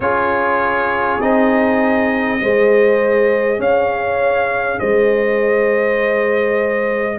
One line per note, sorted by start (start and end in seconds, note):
0.00 1.19 C#4
0.00 1.21 F4
0.00 2.41 G#4
0.00 1.21 C#5
1.20 2.40 C4
1.20 2.39 D#4
1.20 3.60 D#5
2.39 3.58 G#3
2.39 7.18 G#4
2.39 3.59 C5
3.58 4.79 C#4
3.58 4.79 C#5
3.58 4.79 F5
4.79 7.18 G#3
4.79 7.18 C5
4.79 7.18 D#5